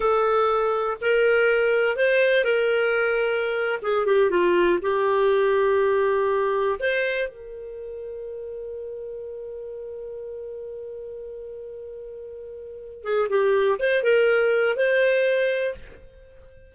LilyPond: \new Staff \with { instrumentName = "clarinet" } { \time 4/4 \tempo 4 = 122 a'2 ais'2 | c''4 ais'2~ ais'8. gis'16~ | gis'16 g'8 f'4 g'2~ g'16~ | g'4.~ g'16 c''4 ais'4~ ais'16~ |
ais'1~ | ais'1~ | ais'2~ ais'8 gis'8 g'4 | c''8 ais'4. c''2 | }